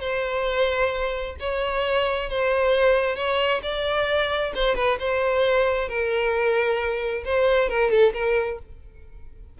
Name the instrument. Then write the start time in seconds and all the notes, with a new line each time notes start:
violin
0.00 C5
1.40 C#5
2.29 C5
3.16 C#5
3.62 D5
4.55 C5
4.75 B4
4.99 C5
5.88 A#4
7.25 C5
7.69 A#4
7.90 A4
8.13 A#4